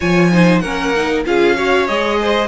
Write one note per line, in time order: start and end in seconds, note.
0.00 0.62 F3
0.00 0.32 F4
0.00 0.30 C#5
0.00 0.59 G#5
0.32 0.63 D#4
0.32 0.61 C5
0.59 1.25 A#3
0.59 0.95 C#4
0.59 1.24 A#4
0.59 1.22 F#5
0.96 1.25 D#4
1.25 1.89 C#4
1.25 1.56 F4
1.25 1.55 G#4
1.25 1.87 F5
1.55 1.87 F#4
1.55 2.18 C#5
1.87 2.47 G#3
1.87 2.47 G#4
1.87 2.47 D#5
2.21 2.47 C5